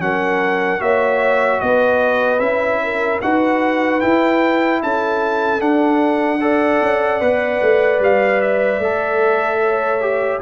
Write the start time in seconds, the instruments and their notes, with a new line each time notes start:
0.00 tuba F#3, trombone C#4, horn A#4, trumpet F#5
0.80 tuba A#3, trombone F#4, horn C#5, trumpet E5
1.61 tuba B3, horn B4, trumpet D#5
2.40 tuba C#4, trombone E4, trumpet E5
2.84 horn A#4
3.22 tuba D#4, trombone F#4, horn B4, trumpet F#5
4.01 trombone E4, tuba E4, trumpet G5
4.83 tuba C#4, horn A4, trumpet A5
5.60 trombone D4, tuba D4, trumpet F#5
6.41 trombone A4, horn D5
6.82 tuba C#4
7.21 tuba B3, trombone B4
7.62 tuba A3
8.00 tuba G3, trumpet F5
8.41 trumpet E5
8.79 tuba A3, trombone A4
9.62 horn C#5
10.02 trombone G4